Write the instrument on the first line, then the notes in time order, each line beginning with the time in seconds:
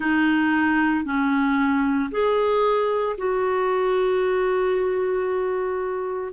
clarinet
0.00 D#4
1.04 C#4
2.11 G#4
3.17 F#4